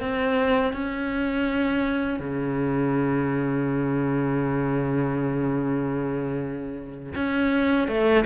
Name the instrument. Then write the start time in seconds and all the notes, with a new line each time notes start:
cello
0.00 C4
0.73 C#4
2.19 C#3
7.15 C#4
7.88 A3